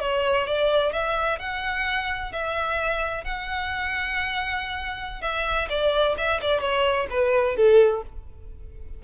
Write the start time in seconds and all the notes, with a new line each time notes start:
0.00 C#5
0.47 D5
0.92 E5
1.39 F#5
2.32 E5
3.24 F#5
5.21 E5
5.69 D5
6.17 E5
6.41 D5
6.60 C#5
7.10 B4
7.56 A4